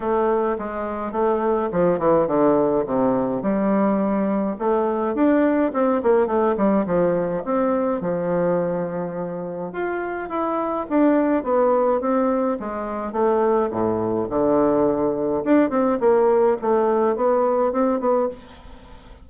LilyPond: \new Staff \with { instrumentName = "bassoon" } { \time 4/4 \tempo 4 = 105 a4 gis4 a4 f8 e8 | d4 c4 g2 | a4 d'4 c'8 ais8 a8 g8 | f4 c'4 f2~ |
f4 f'4 e'4 d'4 | b4 c'4 gis4 a4 | a,4 d2 d'8 c'8 | ais4 a4 b4 c'8 b8 | }